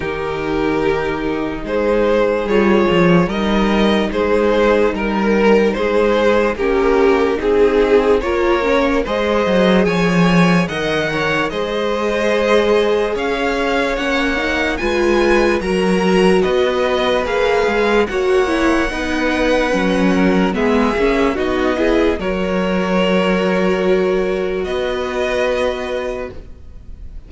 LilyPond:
<<
  \new Staff \with { instrumentName = "violin" } { \time 4/4 \tempo 4 = 73 ais'2 c''4 cis''4 | dis''4 c''4 ais'4 c''4 | ais'4 gis'4 cis''4 dis''4 | gis''4 fis''4 dis''2 |
f''4 fis''4 gis''4 ais''4 | dis''4 f''4 fis''2~ | fis''4 e''4 dis''4 cis''4~ | cis''2 dis''2 | }
  \new Staff \with { instrumentName = "violin" } { \time 4/4 g'2 gis'2 | ais'4 gis'4 ais'4 gis'4 | g'4 gis'4 ais'4 c''4 | cis''4 dis''8 cis''8 c''2 |
cis''2 b'4 ais'4 | b'2 cis''4 b'4~ | b'8 ais'8 gis'4 fis'8 gis'8 ais'4~ | ais'2 b'2 | }
  \new Staff \with { instrumentName = "viola" } { \time 4/4 dis'2. f'4 | dis'1 | cis'4 dis'4 f'8 cis'8 gis'4~ | gis'4 ais'4 gis'2~ |
gis'4 cis'8 dis'8 f'4 fis'4~ | fis'4 gis'4 fis'8 e'8 dis'4 | cis'4 b8 cis'8 dis'8 e'8 fis'4~ | fis'1 | }
  \new Staff \with { instrumentName = "cello" } { \time 4/4 dis2 gis4 g8 f8 | g4 gis4 g4 gis4 | ais4 c'4 ais4 gis8 fis8 | f4 dis4 gis2 |
cis'4 ais4 gis4 fis4 | b4 ais8 gis8 ais4 b4 | fis4 gis8 ais8 b4 fis4~ | fis2 b2 | }
>>